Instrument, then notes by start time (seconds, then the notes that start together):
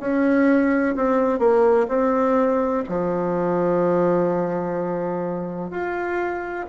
bassoon
0.00 C#4
0.96 C4
1.39 A#3
1.88 C4
2.89 F3
5.71 F4